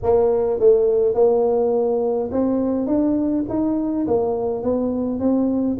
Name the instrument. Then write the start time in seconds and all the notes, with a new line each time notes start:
tuba
0.02 A#3
0.59 A3
1.14 A#3
2.31 C4
2.86 D4
3.49 D#4
4.07 A#3
4.63 B3
5.19 C4